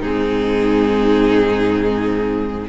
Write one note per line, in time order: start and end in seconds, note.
0.00 2.67 G#2
0.00 2.69 C4
0.00 2.66 D#4
0.00 2.68 G#4